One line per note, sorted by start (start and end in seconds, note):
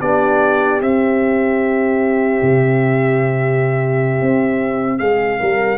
0.00 0.82 B3
0.00 0.81 D4
0.00 4.99 G4
0.00 0.81 D5
0.81 5.78 C4
0.81 2.42 C4
0.81 4.99 E5
2.42 4.22 C3
4.22 5.01 C4
4.99 5.41 G#3
4.99 5.39 G#4
4.99 5.78 F5
5.40 5.78 G3
5.40 5.78 A#4